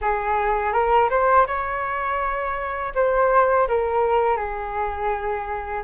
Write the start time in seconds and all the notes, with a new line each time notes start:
0.01 G#4
0.73 A#4
1.10 C5
1.46 C#5
2.94 C5
3.68 A#4
4.36 G#4